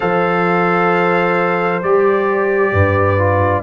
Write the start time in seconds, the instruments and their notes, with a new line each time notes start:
0.00 tuba F3, trombone A4, horn C5, trumpet F5
1.82 tuba G3, trombone G4, trumpet D5
2.72 tuba G2, horn B4
3.17 trombone F4